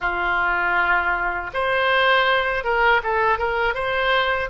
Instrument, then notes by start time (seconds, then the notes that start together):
oboe
0.00 F4
1.53 C5
2.64 A#4
3.03 A4
3.38 A#4
3.74 C5